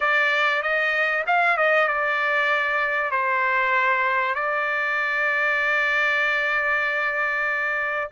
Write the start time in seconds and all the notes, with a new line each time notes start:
0.00 D5
0.62 D#5
1.26 F5
1.57 D#5
1.88 D5
3.11 C5
4.34 D5